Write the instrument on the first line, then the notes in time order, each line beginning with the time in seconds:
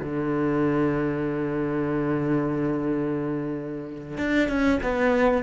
cello
0.00 D3
4.18 D4
4.49 C#4
4.83 B3